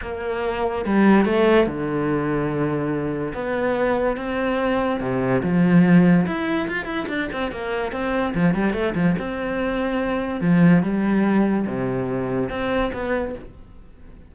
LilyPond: \new Staff \with { instrumentName = "cello" } { \time 4/4 \tempo 4 = 144 ais2 g4 a4 | d1 | b2 c'2 | c4 f2 e'4 |
f'8 e'8 d'8 c'8 ais4 c'4 | f8 g8 a8 f8 c'2~ | c'4 f4 g2 | c2 c'4 b4 | }